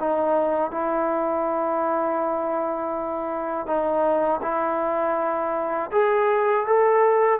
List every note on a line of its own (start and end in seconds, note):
0.00 0.71 D#4
0.71 3.67 E4
3.67 4.41 D#4
4.42 5.91 E4
5.92 6.66 G#4
6.66 7.39 A4